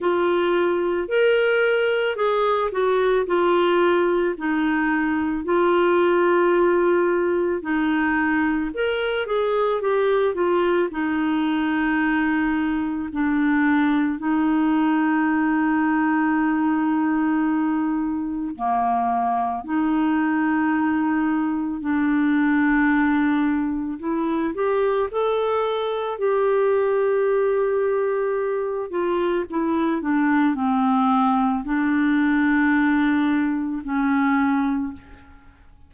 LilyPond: \new Staff \with { instrumentName = "clarinet" } { \time 4/4 \tempo 4 = 55 f'4 ais'4 gis'8 fis'8 f'4 | dis'4 f'2 dis'4 | ais'8 gis'8 g'8 f'8 dis'2 | d'4 dis'2.~ |
dis'4 ais4 dis'2 | d'2 e'8 g'8 a'4 | g'2~ g'8 f'8 e'8 d'8 | c'4 d'2 cis'4 | }